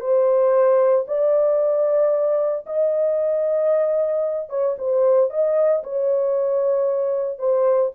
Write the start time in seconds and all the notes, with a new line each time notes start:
0.00 C5
1.08 D5
2.66 D#5
4.50 C#5
4.78 C5
5.30 D#5
5.83 C#5
7.39 C5